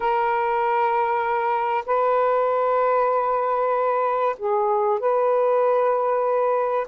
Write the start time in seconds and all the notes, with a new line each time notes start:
0.00 A#4
1.86 B4
4.38 G#4
4.99 B4